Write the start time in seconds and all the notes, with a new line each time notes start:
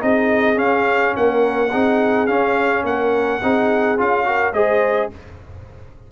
0.00 C4 D#4 G#4 D#5
0.56 C#4 F5
1.17 A#3 A#4 F#5
1.70 C4 D#4 G#4
2.27 C#4 F5
2.84 A#3 A#4 F#5
3.42 C4 D#4 G#4
3.98 C#4 F4 F5
4.25 F#4 A#4
4.53 G#3 G#4 C5 D#5